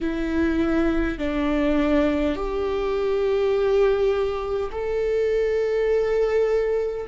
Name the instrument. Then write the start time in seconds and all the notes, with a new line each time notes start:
viola
0.00 E4
1.18 D4
2.35 G4
4.71 A4